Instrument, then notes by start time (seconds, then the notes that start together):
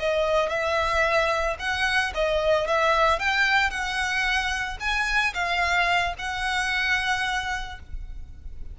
violin
0.00 D#5
0.49 E5
1.59 F#5
2.15 D#5
2.67 E5
3.19 G5
3.70 F#5
4.80 G#5
5.34 F5
6.19 F#5